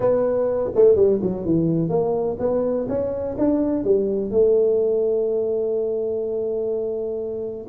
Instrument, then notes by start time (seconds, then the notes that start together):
tuba
0.00 B3
0.75 A3
0.95 G3
1.22 F#3
1.45 E3
1.89 A#3
2.39 B3
2.88 C#4
3.38 D4
3.84 G3
4.30 A3